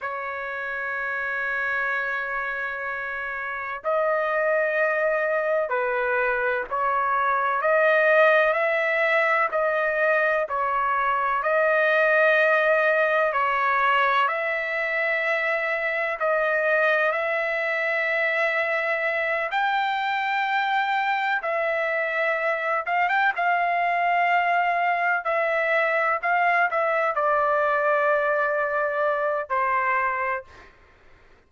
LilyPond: \new Staff \with { instrumentName = "trumpet" } { \time 4/4 \tempo 4 = 63 cis''1 | dis''2 b'4 cis''4 | dis''4 e''4 dis''4 cis''4 | dis''2 cis''4 e''4~ |
e''4 dis''4 e''2~ | e''8 g''2 e''4. | f''16 g''16 f''2 e''4 f''8 | e''8 d''2~ d''8 c''4 | }